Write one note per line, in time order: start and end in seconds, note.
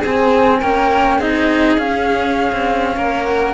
0.00 0.61 C4
0.00 0.59 G#4
0.00 0.62 G#5
0.07 0.63 C4
0.60 1.19 A#3
0.60 1.21 C#4
0.60 1.19 A#4
0.60 1.21 G5
1.19 1.78 C4
1.19 1.79 D#4
1.19 2.95 G#4
1.19 1.79 D#5
1.78 2.51 C#4
1.78 3.54 C#4
1.78 3.25 F5
2.52 2.96 C4
2.97 3.54 A#3
2.97 3.54 A#4
3.25 3.54 F#5